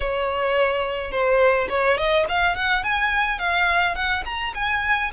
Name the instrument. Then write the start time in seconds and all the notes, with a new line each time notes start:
violin
0.00 C#5
1.11 C5
1.69 C#5
1.97 D#5
2.28 F5
2.55 F#5
2.83 G#5
3.38 F5
3.95 F#5
4.25 A#5
4.54 G#5